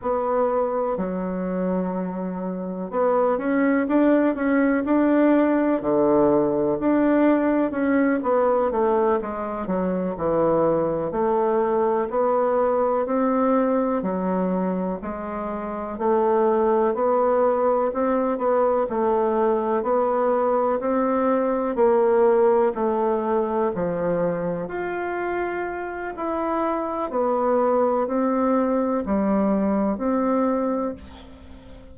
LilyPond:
\new Staff \with { instrumentName = "bassoon" } { \time 4/4 \tempo 4 = 62 b4 fis2 b8 cis'8 | d'8 cis'8 d'4 d4 d'4 | cis'8 b8 a8 gis8 fis8 e4 a8~ | a8 b4 c'4 fis4 gis8~ |
gis8 a4 b4 c'8 b8 a8~ | a8 b4 c'4 ais4 a8~ | a8 f4 f'4. e'4 | b4 c'4 g4 c'4 | }